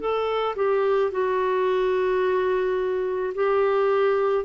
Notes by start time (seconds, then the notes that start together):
0.00 A4
0.56 G4
1.12 F#4
3.35 G4